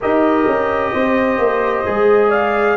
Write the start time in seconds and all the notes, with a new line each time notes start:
0.00 D#4 G4 A#4 D#5
0.46 C#4
0.93 C4 C5
1.38 A#3
1.85 G#3 G#4
2.28 D5 F5